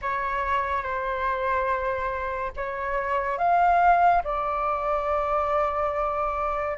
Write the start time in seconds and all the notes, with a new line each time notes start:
0.01 C#5
0.82 C5
2.56 C#5
3.38 F5
4.24 D5